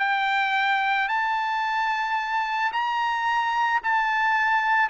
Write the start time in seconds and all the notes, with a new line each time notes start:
0.00 G5
1.09 A5
2.73 A#5
3.84 A5